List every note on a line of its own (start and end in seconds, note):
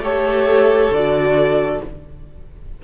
0.00 0.90 A3
0.00 0.93 G4
0.00 1.82 A4
0.00 0.94 C#5
0.90 1.80 D3
0.90 1.85 F#4
0.90 1.84 D5